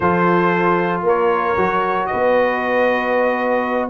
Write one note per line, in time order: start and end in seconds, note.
0.00 1.02 F3
0.00 1.57 F4
0.00 1.03 A4
0.00 1.02 C5
1.02 1.54 A#3
1.02 2.08 A#4
1.02 2.06 C#5
1.56 2.08 F#3
1.56 3.89 F#4
2.06 3.89 B4
2.06 3.88 D#5
2.13 3.89 B3